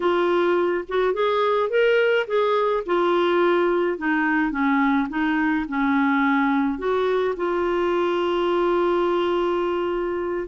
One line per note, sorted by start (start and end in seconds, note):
0.00 0.84 F4
0.88 1.13 F#4
1.13 1.69 G#4
1.69 2.26 A#4
2.27 2.83 G#4
2.86 3.98 F4
3.98 4.51 D#4
4.51 5.07 C#4
5.09 5.66 D#4
5.68 6.78 C#4
6.78 7.35 F#4
7.36 10.47 F4